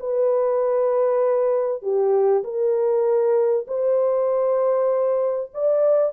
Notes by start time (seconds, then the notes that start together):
0.00 B4
1.82 G4
2.44 A#4
3.68 C5
5.54 D5